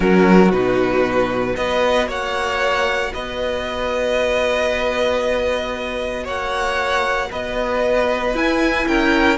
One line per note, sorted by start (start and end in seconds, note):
0.00 0.50 F#3
0.00 0.50 C#4
0.00 1.56 F#4
0.00 0.51 A#4
0.50 1.55 B2
0.50 1.57 D#4
0.50 1.55 B4
1.55 2.07 B3
1.55 8.34 F#4
1.55 2.08 B4
1.55 2.08 D#5
2.07 3.11 A#3
2.07 3.12 C#5
2.07 3.13 F#5
3.13 6.25 B3
3.13 6.23 B4
3.13 6.26 D#5
6.23 7.30 A#3
6.23 7.28 C#5
6.23 7.31 F#5
7.30 8.34 B3
7.30 8.87 B4
7.30 8.36 D#5
8.34 8.86 E4
8.34 9.37 E4
8.34 8.87 G#5
8.87 9.37 C#4
8.87 9.37 A#4
8.87 9.37 G5